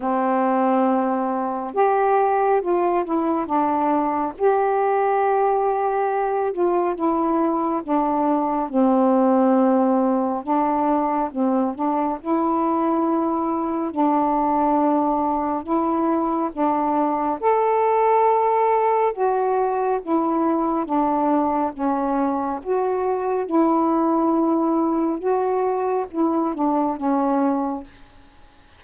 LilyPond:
\new Staff \with { instrumentName = "saxophone" } { \time 4/4 \tempo 4 = 69 c'2 g'4 f'8 e'8 | d'4 g'2~ g'8 f'8 | e'4 d'4 c'2 | d'4 c'8 d'8 e'2 |
d'2 e'4 d'4 | a'2 fis'4 e'4 | d'4 cis'4 fis'4 e'4~ | e'4 fis'4 e'8 d'8 cis'4 | }